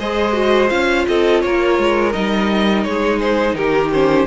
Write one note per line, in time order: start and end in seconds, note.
0.00 0.71 G#3
0.00 0.33 G#4
0.00 1.08 C5
0.00 0.70 D#5
0.33 0.69 F#4
0.70 1.07 C#4
0.70 2.13 F4
0.70 1.06 F5
1.08 1.44 C4
1.08 1.44 A4
1.08 1.42 D#5
1.42 1.79 A#3
1.42 2.87 A#4
1.42 2.13 C#5
1.79 2.15 G#3
2.13 2.86 G3
2.13 3.92 D#4
2.13 2.84 D#5
2.84 3.55 G#3
2.84 3.58 G#4
2.84 3.19 C#5
3.20 3.55 C5
3.55 4.26 D#3
3.55 4.27 G4
3.55 3.91 A#4
3.93 4.27 C#4
3.93 4.27 C5